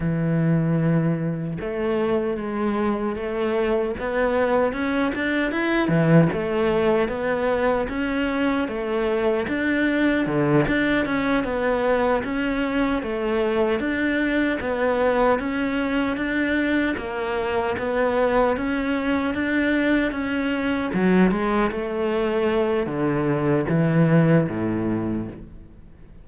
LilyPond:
\new Staff \with { instrumentName = "cello" } { \time 4/4 \tempo 4 = 76 e2 a4 gis4 | a4 b4 cis'8 d'8 e'8 e8 | a4 b4 cis'4 a4 | d'4 d8 d'8 cis'8 b4 cis'8~ |
cis'8 a4 d'4 b4 cis'8~ | cis'8 d'4 ais4 b4 cis'8~ | cis'8 d'4 cis'4 fis8 gis8 a8~ | a4 d4 e4 a,4 | }